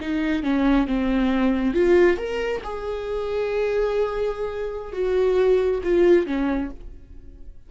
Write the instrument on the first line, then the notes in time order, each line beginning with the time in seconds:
viola
0.00 D#4
0.43 C#4
0.87 C4
1.73 F4
2.17 A#4
2.64 G#4
4.92 F#4
5.83 F4
6.26 C#4